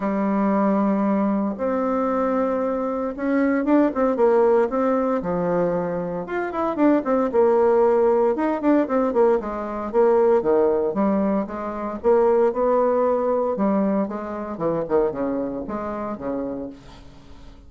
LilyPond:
\new Staff \with { instrumentName = "bassoon" } { \time 4/4 \tempo 4 = 115 g2. c'4~ | c'2 cis'4 d'8 c'8 | ais4 c'4 f2 | f'8 e'8 d'8 c'8 ais2 |
dis'8 d'8 c'8 ais8 gis4 ais4 | dis4 g4 gis4 ais4 | b2 g4 gis4 | e8 dis8 cis4 gis4 cis4 | }